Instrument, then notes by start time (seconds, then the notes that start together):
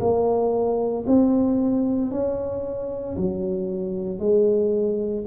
tuba
0.00 A#3
1.07 C4
2.11 C#4
3.17 F#3
4.19 G#3